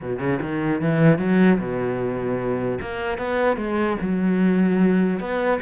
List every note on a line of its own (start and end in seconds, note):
0.01 0.19 B2
0.19 0.39 C#3
0.41 0.81 D#3
0.81 1.18 E3
1.18 1.58 F#3
1.59 2.79 B2
2.81 3.18 A#3
3.18 3.57 B3
3.57 3.97 G#3
4.01 5.19 F#3
5.19 5.59 B3